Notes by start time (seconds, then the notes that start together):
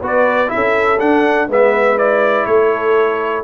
0.00 B3 F#4 B4
0.07 D5
0.47 E4 E5
0.54 C#4 A4
0.99 D4 F#5
1.48 G#3 B3 B4 E5
1.97 E4 D5
2.46 A3 A4 C#5